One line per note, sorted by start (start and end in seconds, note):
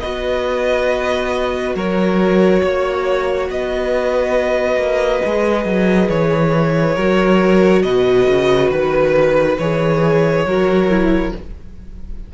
0.00 1.75 B3
0.00 5.24 F#4
0.00 1.76 B4
0.00 1.74 D#5
1.75 2.62 F#3
1.75 2.62 A#4
1.75 3.51 C#5
2.63 3.50 A#3
2.63 3.50 C#5
3.50 4.77 B3
3.50 6.95 B4
3.50 6.10 D#5
4.77 5.20 A#3
5.25 5.65 G#3
5.25 6.98 G#4
5.65 6.09 F#3
6.10 6.97 E3
6.10 7.83 C#5
6.95 7.84 F#3
6.95 9.59 F#4
6.95 7.82 A#4
7.83 8.27 B2
7.83 10.44 B4
7.83 8.70 D#5
8.28 8.71 C#3
8.71 9.58 D#3
8.71 9.58 B4
9.58 10.45 E3
9.58 10.48 G#4
9.58 11.32 C#5
10.45 11.32 F#3
10.45 10.90 F#4
10.45 11.34 A#4
10.90 11.34 E4